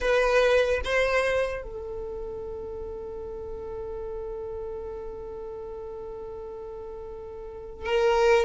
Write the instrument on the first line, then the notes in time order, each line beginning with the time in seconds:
violin
0.00 B4
0.84 C5
1.63 A4
7.85 A#4